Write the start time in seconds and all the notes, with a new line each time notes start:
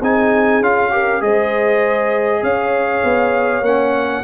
0.00 C4 D#4 G#4 G#5
0.61 C#4 F4 F5
0.91 G4 A#4
1.20 G#3 G#4 C5 D#5
2.42 C#4 C#5 F5
3.04 B3
3.61 A#3 C#4 F#5